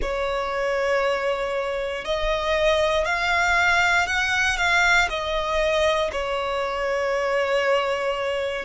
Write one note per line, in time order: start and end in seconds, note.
0.01 2.04 C#5
2.04 3.05 D#5
3.05 4.06 F5
4.06 4.57 F#5
4.57 5.08 F5
5.08 6.10 D#5
6.12 8.65 C#5